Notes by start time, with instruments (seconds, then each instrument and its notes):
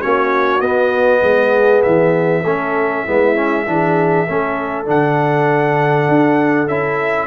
0.00 tuba A#3, trombone C#4, horn F#4, trumpet C#5
0.61 tuba B3, trombone B3, trumpet D#5
1.22 tuba G#3, horn G#4
1.83 tuba E3, trumpet E5
2.43 tuba A3, trombone C#4, horn A4
3.04 tuba G#3, trombone B3, horn E4
3.35 trombone C#4
3.67 tuba E3, trombone D4, horn G#4
4.27 tuba A3, trombone C#4, horn A4
4.86 tuba D3, trombone D4, trumpet F#5
6.08 tuba D4
6.67 tuba C#4, trombone E4, trumpet E5